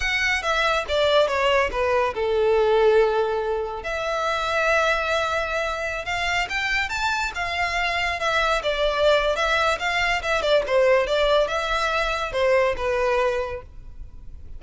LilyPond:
\new Staff \with { instrumentName = "violin" } { \time 4/4 \tempo 4 = 141 fis''4 e''4 d''4 cis''4 | b'4 a'2.~ | a'4 e''2.~ | e''2~ e''16 f''4 g''8.~ |
g''16 a''4 f''2 e''8.~ | e''16 d''4.~ d''16 e''4 f''4 | e''8 d''8 c''4 d''4 e''4~ | e''4 c''4 b'2 | }